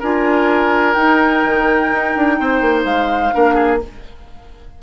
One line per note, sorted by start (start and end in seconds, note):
0.00 0.96 D4
0.00 0.96 F4
0.00 2.36 A#4
0.00 0.94 G#5
0.94 3.32 D#4
0.94 1.44 D#4
0.94 2.83 G5
1.45 1.92 D#3
1.93 2.16 D#4
2.17 2.40 D4
2.40 2.62 C4
2.40 3.35 C5
2.62 2.85 A#3
2.85 3.32 G#3
2.85 3.80 F5
3.32 3.83 A#3
3.32 3.79 D4
3.32 3.55 A#4
3.55 3.79 G#4